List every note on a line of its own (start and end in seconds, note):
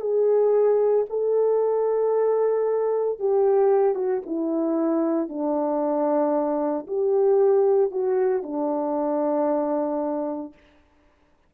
0.00 1.05 G#4
1.09 3.19 A4
3.19 3.94 G4
3.94 4.21 F#4
4.26 5.28 E4
5.28 6.86 D4
6.87 7.91 G4
7.91 8.43 F#4
8.43 10.53 D4